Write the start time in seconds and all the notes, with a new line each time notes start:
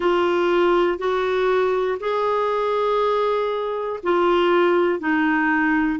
0.00 F4
0.98 F#4
2.00 G#4
4.03 F4
5.00 D#4